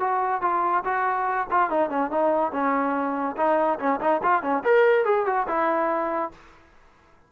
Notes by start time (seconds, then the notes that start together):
0.00 F#4
0.42 F4
0.84 F#4
1.51 F4
1.70 D#4
1.90 C#4
2.11 D#4
2.52 C#4
3.37 D#4
3.79 C#4
4.00 D#4
4.23 F4
4.42 C#4
4.64 A#4
5.05 G#4
5.26 F#4
5.48 E4